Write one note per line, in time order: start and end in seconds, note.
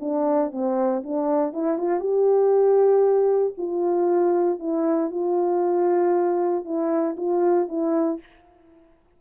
0.00 0.51 D4
0.51 1.03 C4
1.03 1.53 D4
1.53 1.78 E4
1.78 2.00 F4
2.00 3.54 G4
3.58 4.59 F4
4.59 5.10 E4
5.11 6.65 F4
6.65 7.16 E4
7.17 7.68 F4
7.69 8.20 E4